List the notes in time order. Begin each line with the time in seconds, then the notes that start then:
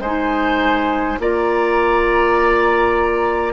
0.00 G#3 D#4 C5 G#5
1.19 A#3 F4 D5 A#5